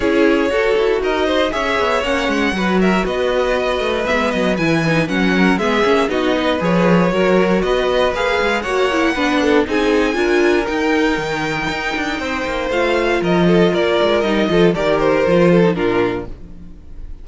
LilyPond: <<
  \new Staff \with { instrumentName = "violin" } { \time 4/4 \tempo 4 = 118 cis''2 dis''4 e''4 | fis''4. e''8 dis''2 | e''8 dis''8 gis''4 fis''4 e''4 | dis''4 cis''2 dis''4 |
f''4 fis''2 gis''4~ | gis''4 g''2.~ | g''4 f''4 dis''4 d''4 | dis''4 d''8 c''4. ais'4 | }
  \new Staff \with { instrumentName = "violin" } { \time 4/4 gis'4 a'4 ais'8 c''8 cis''4~ | cis''4 b'8 ais'8 b'2~ | b'2~ b'8 ais'8 gis'4 | fis'8 b'4. ais'4 b'4~ |
b'4 cis''4 b'8 a'8 gis'4 | ais'1 | c''2 ais'8 a'8 ais'4~ | ais'8 a'8 ais'4. a'8 f'4 | }
  \new Staff \with { instrumentName = "viola" } { \time 4/4 e'4 fis'2 gis'4 | cis'4 fis'2. | b4 e'8 dis'8 cis'4 b8 cis'8 | dis'4 gis'4 fis'2 |
gis'4 fis'8 e'8 d'4 dis'4 | f'4 dis'2.~ | dis'4 f'2. | dis'8 f'8 g'4 f'8. dis'16 d'4 | }
  \new Staff \with { instrumentName = "cello" } { \time 4/4 cis'4 fis'8 e'8 dis'4 cis'8 b8 | ais8 gis8 fis4 b4. a8 | gis8 fis8 e4 fis4 gis8 ais8 | b4 f4 fis4 b4 |
ais8 gis8 ais4 b4 c'4 | d'4 dis'4 dis4 dis'8 d'8 | c'8 ais8 a4 f4 ais8 gis8 | g8 f8 dis4 f4 ais,4 | }
>>